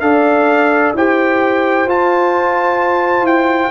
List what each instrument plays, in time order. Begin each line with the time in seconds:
0.00 tuba D4, trombone A4, horn D5, trumpet F5
0.94 tuba E4, trombone G4, horn C5, trumpet G5
1.87 tuba F4, trombone F4, trumpet A5
3.22 tuba E4, trumpet G5